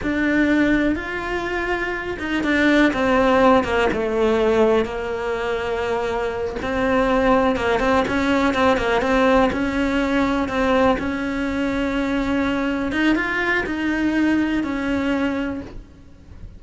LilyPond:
\new Staff \with { instrumentName = "cello" } { \time 4/4 \tempo 4 = 123 d'2 f'2~ | f'8 dis'8 d'4 c'4. ais8 | a2 ais2~ | ais4. c'2 ais8 |
c'8 cis'4 c'8 ais8 c'4 cis'8~ | cis'4. c'4 cis'4.~ | cis'2~ cis'8 dis'8 f'4 | dis'2 cis'2 | }